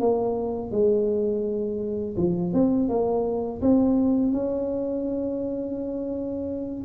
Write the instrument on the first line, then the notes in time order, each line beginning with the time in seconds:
tuba
0.00 A#3
0.71 G#3
2.17 F3
2.53 C4
2.88 A#3
3.61 C4
4.32 C#4